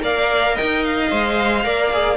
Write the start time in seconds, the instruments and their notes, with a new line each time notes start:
0.00 cello A#3, viola A#4, violin D5 F5
0.54 violin D#5 G5
0.61 cello D#4
0.84 violin F5
1.11 cello G#3, viola C5
1.64 cello A#3, viola A#4, violin D5
1.93 viola G#4